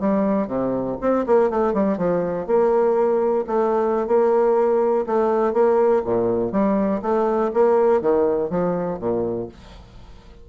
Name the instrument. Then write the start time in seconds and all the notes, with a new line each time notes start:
bassoon
0.00 G3
0.47 C3
1.01 C4
1.27 A#3
1.50 A3
1.74 G3
1.98 F3
2.47 A#3
3.47 A3
4.07 A#3
5.06 A3
5.53 A#3
6.05 A#2
6.52 G3
7.02 A3
7.54 A#3
8.01 D#3
8.50 F3
9.00 A#2